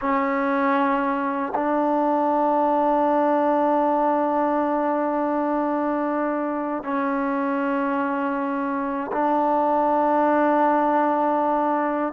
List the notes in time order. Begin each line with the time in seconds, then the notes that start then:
0.01 C#4
1.55 D4
6.83 C#4
9.12 D4